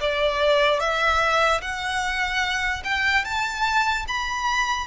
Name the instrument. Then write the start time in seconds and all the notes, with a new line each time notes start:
violin
0.00 D5
0.80 E5
1.61 F#5
2.84 G5
3.24 A5
4.08 B5